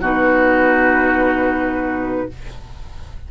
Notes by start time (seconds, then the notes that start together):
0.00 B2 D#4 F#4 B4